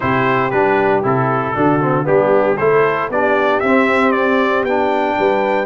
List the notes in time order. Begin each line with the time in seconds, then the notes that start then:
0.00 C3 E4 G4 C5
0.50 G3 D4 B4
1.03 C3 E4 A4
1.54 D3 D4 F#4
1.80 C4
2.04 G3 B3 D4 G4
2.57 A3 E4 A4 C5
3.09 B3 D4 G4 D5
3.59 C4 E5
4.11 D5
4.63 B3 D4 G5
5.18 G3 B4